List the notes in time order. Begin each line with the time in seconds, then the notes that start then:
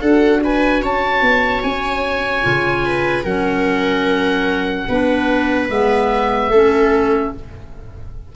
0.00 D4 F#4 A4 F#5
0.43 B4 G#5
0.82 C#4 C#5 A5
1.21 B3
1.63 C#4 G#5
2.42 C#3 F4
2.85 B4
3.23 F#3 C#4 A#4 F#5
4.88 B3 D4 B4
5.69 G#3 B3 E5
6.48 A3 C#4 A4